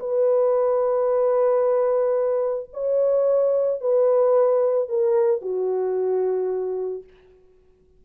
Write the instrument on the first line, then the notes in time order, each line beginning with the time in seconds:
horn
0.00 B4
2.74 C#5
3.81 B4
4.89 A#4
5.42 F#4